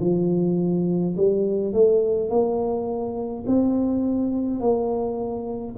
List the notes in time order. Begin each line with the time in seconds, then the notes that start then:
0.00 F3
1.16 G3
1.73 A3
2.29 A#3
3.47 C4
4.60 A#3